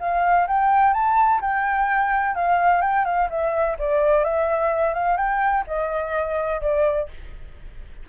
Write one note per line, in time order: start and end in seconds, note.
0.00 0.47 F5
0.48 0.94 G5
0.94 1.41 A5
1.42 2.35 G5
2.35 2.82 F5
2.82 3.05 G5
3.05 3.29 F5
3.30 3.77 E5
3.79 4.25 D5
4.25 4.94 E5
4.94 5.17 F5
5.17 5.65 G5
5.67 6.61 D#5
6.61 7.09 D5